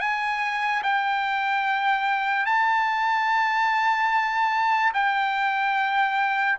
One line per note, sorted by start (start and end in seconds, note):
0.00 0.82 G#5
0.83 2.46 G5
2.46 4.92 A5
4.94 6.58 G5